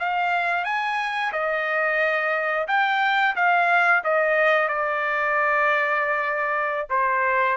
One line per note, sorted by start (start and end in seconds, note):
0.00 0.65 F5
0.65 1.32 G#5
1.33 2.68 D#5
2.68 3.36 G5
3.36 4.04 F5
4.04 4.69 D#5
4.69 6.88 D5
6.90 7.58 C5